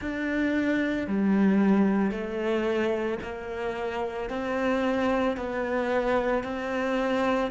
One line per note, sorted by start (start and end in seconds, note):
0.00 1.07 D4
1.07 2.11 G3
2.11 3.18 A3
3.22 4.29 A#3
4.29 5.36 C4
5.36 6.43 B3
6.43 7.50 C4